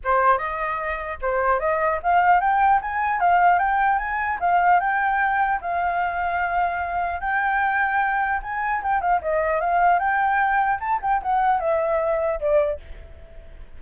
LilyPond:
\new Staff \with { instrumentName = "flute" } { \time 4/4 \tempo 4 = 150 c''4 dis''2 c''4 | dis''4 f''4 g''4 gis''4 | f''4 g''4 gis''4 f''4 | g''2 f''2~ |
f''2 g''2~ | g''4 gis''4 g''8 f''8 dis''4 | f''4 g''2 a''8 g''8 | fis''4 e''2 d''4 | }